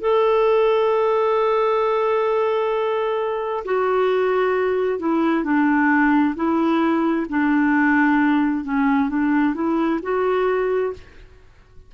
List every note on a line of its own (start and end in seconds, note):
0.00 3.64 A4
3.65 4.99 F#4
4.99 5.44 E4
5.44 6.35 D4
6.36 7.26 E4
7.29 8.64 D4
8.64 9.09 C#4
9.09 9.55 D4
9.55 10.00 E4
10.02 10.93 F#4